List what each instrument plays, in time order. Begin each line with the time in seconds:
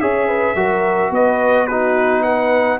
0.00 tuba C#4, trombone G#4, horn C#5, trumpet E5
0.27 horn B4
0.55 tuba F#3, trombone F#4, horn A#4
1.10 tuba B3, horn B4, trumpet D#5
1.66 trombone D#4, horn F#4, trumpet B4
2.22 horn B4, trumpet F#5